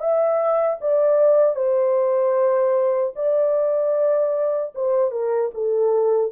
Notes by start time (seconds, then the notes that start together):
0.00 E5
0.81 D5
1.55 C5
3.16 D5
4.75 C5
5.11 A#4
5.54 A4